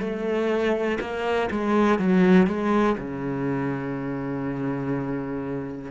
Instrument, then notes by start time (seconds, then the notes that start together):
cello
0.00 A3
1.01 A#3
1.51 G#3
1.99 F#3
2.47 G#3
2.98 C#3